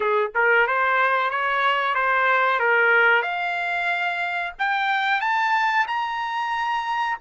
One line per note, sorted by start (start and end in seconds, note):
0.00 0.31 G#4
0.34 0.67 A#4
0.67 1.30 C5
1.30 1.94 C#5
1.94 2.59 C5
2.59 3.22 A#4
3.22 4.53 F5
4.58 5.20 G5
5.20 5.85 A5
5.87 7.17 A#5